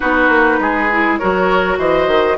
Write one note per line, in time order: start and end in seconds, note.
0.00 0.28 B3
0.00 0.89 D#4
0.00 0.59 F#4
0.00 1.17 B4
0.28 0.58 A#3
0.59 1.18 G#3
0.59 1.19 G#4
0.91 1.20 E4
1.17 1.78 F#3
1.17 2.37 F#4
1.17 1.78 A#4
1.17 1.76 C#5
1.78 2.07 E3
1.78 2.37 C5
1.78 2.37 D#5
2.07 2.36 D#3